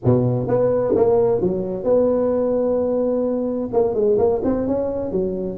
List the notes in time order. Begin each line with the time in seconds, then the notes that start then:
0.04 B2
0.47 B3
0.95 A#3
1.40 F#3
1.84 B3
3.72 A#3
3.94 G#3
4.18 A#3
4.44 C4
4.67 C#4
5.11 F#3